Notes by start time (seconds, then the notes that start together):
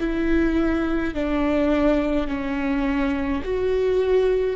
0.00 E4
1.14 D4
2.28 C#4
3.44 F#4